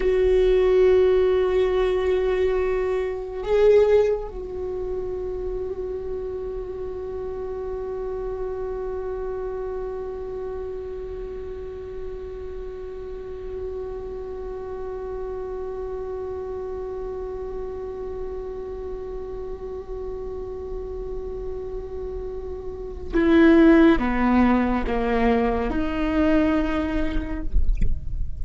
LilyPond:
\new Staff \with { instrumentName = "viola" } { \time 4/4 \tempo 4 = 70 fis'1 | gis'4 fis'2.~ | fis'1~ | fis'1~ |
fis'1~ | fis'1~ | fis'2. e'4 | b4 ais4 dis'2 | }